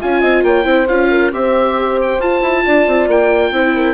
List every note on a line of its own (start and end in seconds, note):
0.00 0.22 C#4
0.00 0.64 F4
0.00 0.22 F5
0.00 0.44 G#5
0.22 0.43 C4
0.22 0.44 D#5
0.43 0.65 A#3
0.43 0.65 C#5
0.43 0.88 G5
0.64 0.87 C4
0.64 0.86 E4
0.64 1.09 C5
0.88 1.32 C#4
0.88 1.32 F4
0.88 1.32 F5
1.10 1.32 A#4
1.32 2.19 C4
1.32 2.20 G4
1.32 2.64 C5
1.32 1.99 E5
2.01 2.20 G5
2.19 2.41 F4
2.19 3.54 F4
2.19 3.09 A5
2.41 2.63 E4
2.65 2.87 D4
2.65 3.53 D5
2.87 3.07 C4
3.07 3.51 A#3
3.07 3.94 G5
3.51 3.94 C4
3.51 3.94 E4
3.51 3.75 C5
3.75 3.94 A#4